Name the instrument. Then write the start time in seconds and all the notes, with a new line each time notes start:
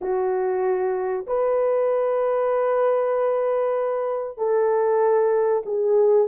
horn
0.01 F#4
1.26 B4
4.38 A4
5.65 G#4